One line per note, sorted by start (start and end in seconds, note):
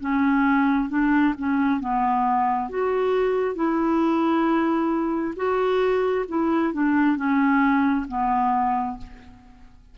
0.00 0.89 C#4
0.89 1.34 D4
1.38 1.80 C#4
1.80 2.69 B3
2.69 3.55 F#4
3.55 5.34 E4
5.36 6.25 F#4
6.28 6.73 E4
6.73 7.16 D4
7.16 8.06 C#4
8.08 8.98 B3